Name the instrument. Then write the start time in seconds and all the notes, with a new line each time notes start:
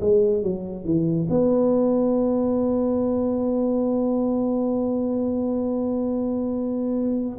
tuba
0.00 G#3
0.43 F#3
0.84 E3
1.30 B3